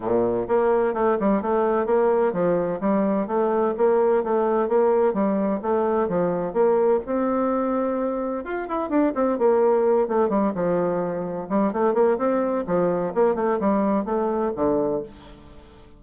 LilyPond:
\new Staff \with { instrumentName = "bassoon" } { \time 4/4 \tempo 4 = 128 ais,4 ais4 a8 g8 a4 | ais4 f4 g4 a4 | ais4 a4 ais4 g4 | a4 f4 ais4 c'4~ |
c'2 f'8 e'8 d'8 c'8 | ais4. a8 g8 f4.~ | f8 g8 a8 ais8 c'4 f4 | ais8 a8 g4 a4 d4 | }